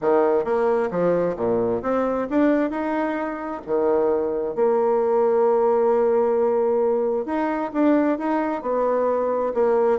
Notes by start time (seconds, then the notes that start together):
0.01 D#3
0.44 A#3
0.90 F3
1.36 A#2
1.82 C4
2.30 D4
2.70 D#4
3.66 D#3
4.55 A#3
7.25 D#4
7.73 D4
8.18 D#4
8.62 B3
9.53 A#3